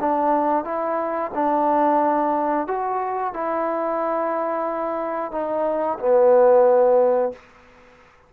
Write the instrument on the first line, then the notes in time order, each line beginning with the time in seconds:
trombone
0.00 D4
0.64 E4
1.34 D4
2.67 F#4
3.33 E4
5.32 D#4
5.99 B3